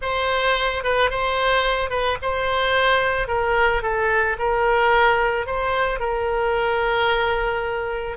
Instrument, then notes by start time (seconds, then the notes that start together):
oboe
0.01 C5
0.83 B4
1.10 C5
1.89 B4
2.21 C5
3.27 A#4
3.82 A4
4.38 A#4
5.46 C5
5.99 A#4